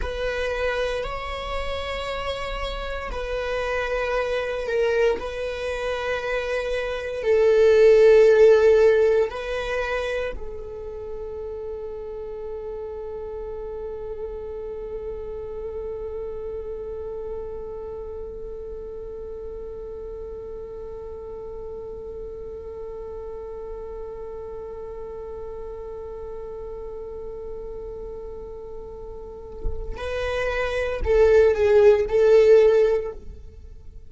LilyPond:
\new Staff \with { instrumentName = "viola" } { \time 4/4 \tempo 4 = 58 b'4 cis''2 b'4~ | b'8 ais'8 b'2 a'4~ | a'4 b'4 a'2~ | a'1~ |
a'1~ | a'1~ | a'1~ | a'4 b'4 a'8 gis'8 a'4 | }